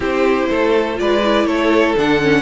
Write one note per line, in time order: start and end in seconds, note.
0.00 0.47 C4
0.00 0.95 E4
0.00 0.48 G4
0.00 0.99 C5
0.49 1.00 A3
0.49 0.98 A4
0.95 1.45 G#3
0.95 1.20 F4
0.95 1.46 B4
0.95 1.46 D5
1.24 1.96 E4
1.45 1.94 A3
1.45 2.42 A4
1.45 1.95 C#5
1.96 2.42 D3
1.96 2.20 D4
1.96 2.42 F#5
2.20 2.42 C#4